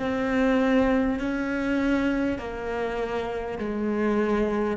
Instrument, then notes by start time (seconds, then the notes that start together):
cello
0.00 C4
1.20 C#4
2.39 A#3
3.59 G#3